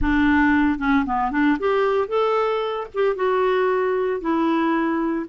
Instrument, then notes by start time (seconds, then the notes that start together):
clarinet
0.01 D4
0.78 C#4
1.05 B3
1.31 D4
1.59 G4
2.08 A4
2.94 G4
3.15 F#4
4.21 E4